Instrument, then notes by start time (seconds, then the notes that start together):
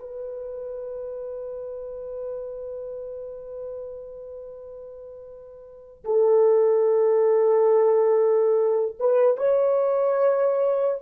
horn
0.00 B4
6.05 A4
9.00 B4
9.37 C#5